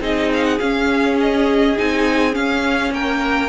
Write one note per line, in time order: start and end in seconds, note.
0.00 0.58 C4
0.00 0.59 D#4
0.00 2.92 G#4
0.00 0.32 D#5
0.33 0.43 F5
0.43 0.58 F#5
0.58 1.76 C#4
0.58 1.77 C#4
0.58 1.17 F5
1.20 1.78 D#5
1.77 2.36 C4
1.77 2.32 D#4
1.77 2.34 G#5
2.32 3.48 C#4
2.32 2.91 C#4
2.32 2.93 F5
2.91 3.49 A#3
2.91 3.49 A#4
2.91 3.49 G5